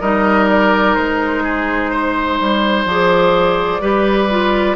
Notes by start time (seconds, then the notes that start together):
0.00 G3 D#4 A#4 D#5
0.49 D5
0.94 G#3 C5
1.43 G#4
1.90 C5
2.40 G3
2.85 F3 G#4 D5
3.81 G3 G4 B4
4.29 F4